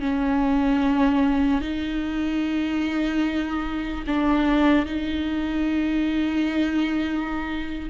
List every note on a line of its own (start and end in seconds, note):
0.00 1.61 C#4
1.61 4.04 D#4
4.07 4.86 D4
4.86 7.90 D#4